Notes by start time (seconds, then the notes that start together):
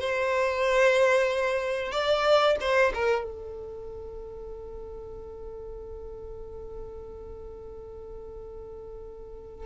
0.00 C5
1.91 D5
2.60 C5
2.94 A#4
3.24 A4